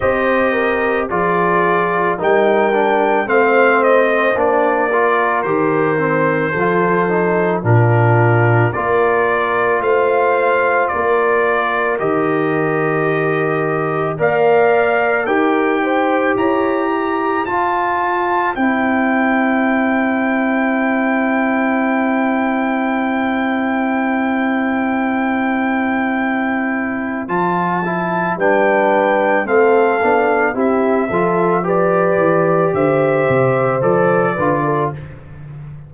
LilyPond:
<<
  \new Staff \with { instrumentName = "trumpet" } { \time 4/4 \tempo 4 = 55 dis''4 d''4 g''4 f''8 dis''8 | d''4 c''2 ais'4 | d''4 f''4 d''4 dis''4~ | dis''4 f''4 g''4 ais''4 |
a''4 g''2.~ | g''1~ | g''4 a''4 g''4 f''4 | e''4 d''4 e''4 d''4 | }
  \new Staff \with { instrumentName = "horn" } { \time 4/4 c''8 ais'8 gis'4 ais'4 c''4~ | c''8 ais'4. a'4 f'4 | ais'4 c''4 ais'2~ | ais'4 d''4 ais'8 c''8 cis''8 c''8~ |
c''1~ | c''1~ | c''2 b'4 a'4 | g'8 a'8 b'4 c''4. b'16 a'16 | }
  \new Staff \with { instrumentName = "trombone" } { \time 4/4 g'4 f'4 dis'8 d'8 c'4 | d'8 f'8 g'8 c'8 f'8 dis'8 d'4 | f'2. g'4~ | g'4 ais'4 g'2 |
f'4 e'2.~ | e'1~ | e'4 f'8 e'8 d'4 c'8 d'8 | e'8 f'8 g'2 a'8 f'8 | }
  \new Staff \with { instrumentName = "tuba" } { \time 4/4 c'4 f4 g4 a4 | ais4 dis4 f4 ais,4 | ais4 a4 ais4 dis4~ | dis4 ais4 dis'4 e'4 |
f'4 c'2.~ | c'1~ | c'4 f4 g4 a8 b8 | c'8 f4 e8 d8 c8 f8 d8 | }
>>